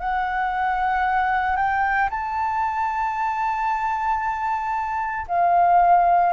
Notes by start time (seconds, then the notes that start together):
0.00 F#5
1.57 G5
2.11 A5
5.28 F5